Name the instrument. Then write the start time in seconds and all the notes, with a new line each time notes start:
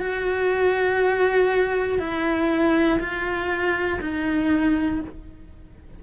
cello
0.00 F#4
1.99 E4
2.99 F4
4.00 D#4